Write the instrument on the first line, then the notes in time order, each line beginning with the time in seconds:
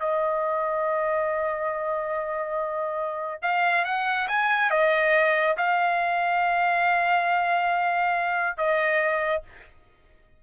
trumpet
0.00 D#5
3.42 F5
3.85 F#5
4.28 G#5
4.71 D#5
5.58 F5
8.58 D#5